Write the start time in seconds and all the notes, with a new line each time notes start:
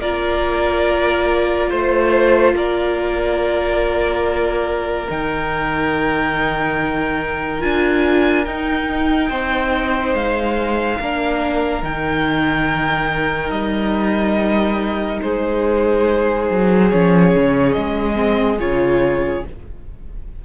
0.00 A#3 F4 A#4 D5
1.69 A3 C5
2.53 A#3 A#4 D5
5.08 D#3 D#4 G5
7.60 D4 F4 G#5
8.44 D#4 G5
9.29 C4 C5
10.14 G#3 F5
10.99 A#3 D4 A#4
11.82 D#3 D#4 G5
13.50 G3 D#5
15.21 G#3 G#4 C5
16.50 F#3
16.90 F3 C#4 C#5
17.35 C#3
17.72 G#3 D#5
18.14 C4
18.59 C#3 F4 C#5